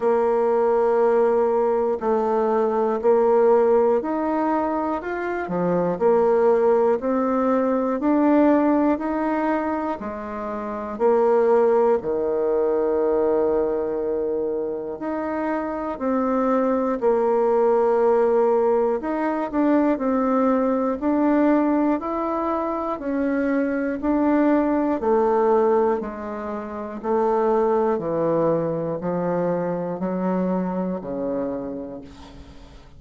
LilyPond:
\new Staff \with { instrumentName = "bassoon" } { \time 4/4 \tempo 4 = 60 ais2 a4 ais4 | dis'4 f'8 f8 ais4 c'4 | d'4 dis'4 gis4 ais4 | dis2. dis'4 |
c'4 ais2 dis'8 d'8 | c'4 d'4 e'4 cis'4 | d'4 a4 gis4 a4 | e4 f4 fis4 cis4 | }